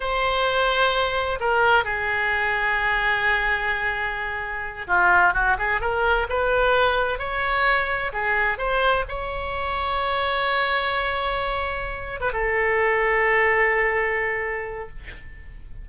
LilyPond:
\new Staff \with { instrumentName = "oboe" } { \time 4/4 \tempo 4 = 129 c''2. ais'4 | gis'1~ | gis'2~ gis'8 f'4 fis'8 | gis'8 ais'4 b'2 cis''8~ |
cis''4. gis'4 c''4 cis''8~ | cis''1~ | cis''2~ cis''16 b'16 a'4.~ | a'1 | }